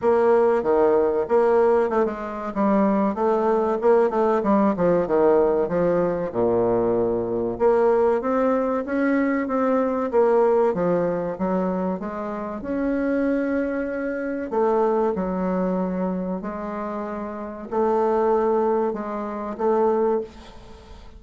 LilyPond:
\new Staff \with { instrumentName = "bassoon" } { \time 4/4 \tempo 4 = 95 ais4 dis4 ais4 a16 gis8. | g4 a4 ais8 a8 g8 f8 | dis4 f4 ais,2 | ais4 c'4 cis'4 c'4 |
ais4 f4 fis4 gis4 | cis'2. a4 | fis2 gis2 | a2 gis4 a4 | }